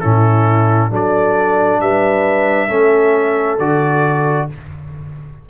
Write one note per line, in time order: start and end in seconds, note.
0.00 0.90 A2
0.00 0.90 C#4
0.00 0.90 E4
0.00 0.90 A4
0.90 1.79 F#3
0.90 2.68 D4
0.90 1.80 A4
0.90 1.80 D5
1.79 2.69 G3
1.79 2.68 B4
1.79 3.59 E5
2.68 3.58 A3
2.68 3.58 C#4
2.68 4.47 A4
3.58 4.48 D3
3.58 4.49 F#4
3.58 4.48 D5